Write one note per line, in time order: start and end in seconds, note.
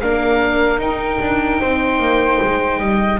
0.00 0.79 A#3
0.00 0.78 D4
0.00 1.61 A#4
0.00 0.80 F5
0.78 3.18 D#4
0.78 1.19 D#4
0.78 3.20 G5
1.20 1.60 D4
1.61 1.99 C4
1.61 2.79 C5
1.99 2.39 A#3
2.42 2.80 G#3
2.79 3.20 G3
2.79 3.19 D#5